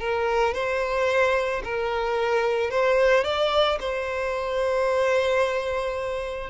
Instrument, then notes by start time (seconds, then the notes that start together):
violin
0.00 A#4
0.54 C5
1.64 A#4
2.71 C5
3.24 D5
3.80 C5